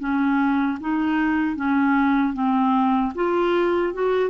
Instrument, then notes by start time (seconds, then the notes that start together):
clarinet
0.00 C#4
0.81 D#4
1.56 C#4
2.34 C4
3.16 F4
3.94 F#4